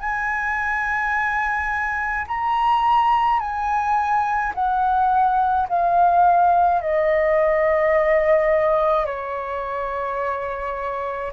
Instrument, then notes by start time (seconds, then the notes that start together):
flute
0.00 G#5
2.28 A#5
3.40 G#5
4.55 F#5
5.69 F5
6.82 D#5
9.07 C#5